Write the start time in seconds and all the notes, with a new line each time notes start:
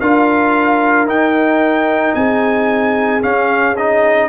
0.00 D4 F4 A#4 F5
1.05 D#4 G5
2.15 C4 G#4 G#5
3.22 C#4 F5
3.76 D#4 D#5